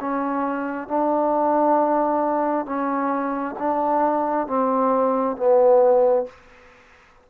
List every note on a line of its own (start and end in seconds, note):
0.00 0.88 C#4
0.88 2.65 D4
2.65 3.55 C#4
3.58 4.47 D4
4.47 5.36 C4
5.36 6.26 B3